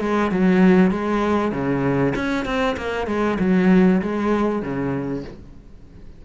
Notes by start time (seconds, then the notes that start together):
0.00 G#3
0.31 F#3
0.91 G#3
1.52 C#3
2.15 C#4
2.45 C4
2.77 A#3
3.07 G#3
3.39 F#3
4.02 G#3
4.62 C#3